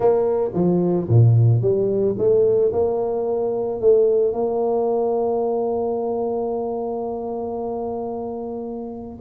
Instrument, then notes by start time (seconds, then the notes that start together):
tuba
0.00 A#3
0.54 F3
1.08 A#2
1.61 G3
2.17 A3
2.72 A#3
3.80 A3
4.32 A#3